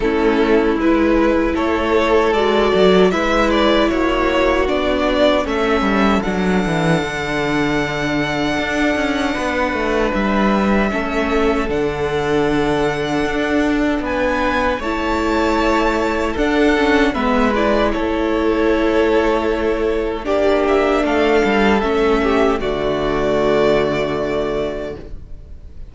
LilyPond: <<
  \new Staff \with { instrumentName = "violin" } { \time 4/4 \tempo 4 = 77 a'4 b'4 cis''4 d''4 | e''8 d''8 cis''4 d''4 e''4 | fis''1~ | fis''4 e''2 fis''4~ |
fis''2 gis''4 a''4~ | a''4 fis''4 e''8 d''8 cis''4~ | cis''2 d''8 e''8 f''4 | e''4 d''2. | }
  \new Staff \with { instrumentName = "violin" } { \time 4/4 e'2 a'2 | b'4 fis'2 a'4~ | a'1 | b'2 a'2~ |
a'2 b'4 cis''4~ | cis''4 a'4 b'4 a'4~ | a'2 g'4 a'4~ | a'8 g'8 fis'2. | }
  \new Staff \with { instrumentName = "viola" } { \time 4/4 cis'4 e'2 fis'4 | e'2 d'4 cis'4 | d'1~ | d'2 cis'4 d'4~ |
d'2. e'4~ | e'4 d'8 cis'8 b8 e'4.~ | e'2 d'2 | cis'4 a2. | }
  \new Staff \with { instrumentName = "cello" } { \time 4/4 a4 gis4 a4 gis8 fis8 | gis4 ais4 b4 a8 g8 | fis8 e8 d2 d'8 cis'8 | b8 a8 g4 a4 d4~ |
d4 d'4 b4 a4~ | a4 d'4 gis4 a4~ | a2 ais4 a8 g8 | a4 d2. | }
>>